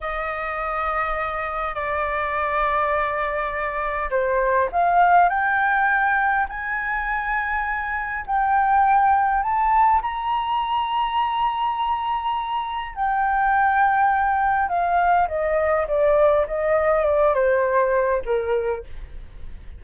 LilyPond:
\new Staff \with { instrumentName = "flute" } { \time 4/4 \tempo 4 = 102 dis''2. d''4~ | d''2. c''4 | f''4 g''2 gis''4~ | gis''2 g''2 |
a''4 ais''2.~ | ais''2 g''2~ | g''4 f''4 dis''4 d''4 | dis''4 d''8 c''4. ais'4 | }